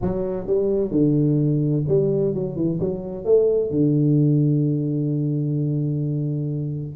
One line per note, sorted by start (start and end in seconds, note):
0.01 0.47 F#3
0.47 0.91 G3
0.91 1.84 D3
1.88 2.34 G3
2.34 2.56 F#3
2.56 2.79 E3
2.79 3.24 F#3
3.24 3.70 A3
3.70 6.95 D3